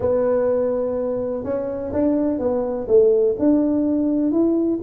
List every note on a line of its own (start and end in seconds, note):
0.00 1.44 B3
1.44 1.92 C#4
1.92 2.38 D4
2.38 2.86 B3
2.87 3.35 A3
3.38 4.31 D4
4.31 4.79 E4